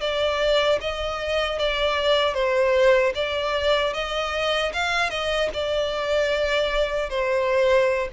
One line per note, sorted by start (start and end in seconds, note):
0.00 0.79 D5
0.81 1.59 D#5
1.59 2.34 D5
2.34 3.13 C5
3.15 3.93 D5
3.93 4.72 D#5
4.73 5.10 F5
5.10 5.49 D#5
5.53 7.09 D5
7.09 8.08 C5